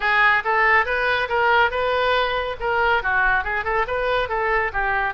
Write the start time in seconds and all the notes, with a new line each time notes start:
0.00 G#4
0.44 A4
0.85 B4
1.28 A#4
1.70 B4
2.59 A#4
3.03 F#4
3.44 G#4
3.64 A4
3.87 B4
4.28 A4
4.73 G4